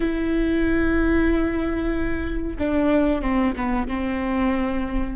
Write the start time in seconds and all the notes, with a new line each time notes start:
0.00 E4
2.58 D4
3.21 C4
3.56 B3
3.88 C4